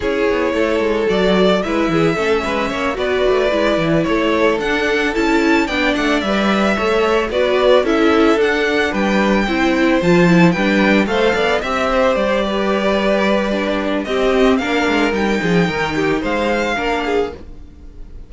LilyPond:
<<
  \new Staff \with { instrumentName = "violin" } { \time 4/4 \tempo 4 = 111 cis''2 d''4 e''4~ | e''4. d''2 cis''8~ | cis''8 fis''4 a''4 g''8 fis''8 e''8~ | e''4. d''4 e''4 fis''8~ |
fis''8 g''2 a''4 g''8~ | g''8 f''4 e''4 d''4.~ | d''2 dis''4 f''4 | g''2 f''2 | }
  \new Staff \with { instrumentName = "violin" } { \time 4/4 gis'4 a'2 b'8 gis'8 | a'8 b'8 cis''8 b'2 a'8~ | a'2~ a'8 d''4.~ | d''8 cis''4 b'4 a'4.~ |
a'8 b'4 c''2 b'8~ | b'8 c''8 d''8 e''8 c''4 b'4~ | b'2 g'4 ais'4~ | ais'8 gis'8 ais'8 g'8 c''4 ais'8 gis'8 | }
  \new Staff \with { instrumentName = "viola" } { \time 4/4 e'2 fis'4 e'4 | cis'4. fis'4 e'4.~ | e'8 d'4 e'4 d'4 b'8~ | b'8 a'4 fis'4 e'4 d'8~ |
d'4. e'4 f'8 e'8 d'8~ | d'8 a'4 g'2~ g'8~ | g'4 d'4 c'4 d'4 | dis'2. d'4 | }
  \new Staff \with { instrumentName = "cello" } { \time 4/4 cis'8 b8 a8 gis8 fis4 gis8 e8 | a8 gis8 ais8 b8 a8 gis8 e8 a8~ | a8 d'4 cis'4 b8 a8 g8~ | g8 a4 b4 cis'4 d'8~ |
d'8 g4 c'4 f4 g8~ | g8 a8 b8 c'4 g4.~ | g2 c'4 ais8 gis8 | g8 f8 dis4 gis4 ais4 | }
>>